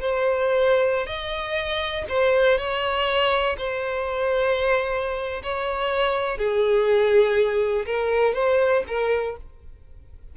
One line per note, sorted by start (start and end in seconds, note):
0.00 1.07 C5
1.07 2.05 D#5
2.09 2.58 C5
2.58 3.56 C#5
3.58 5.42 C5
5.43 6.38 C#5
6.38 7.85 G#4
7.86 8.34 A#4
8.34 8.83 C5
8.87 9.36 A#4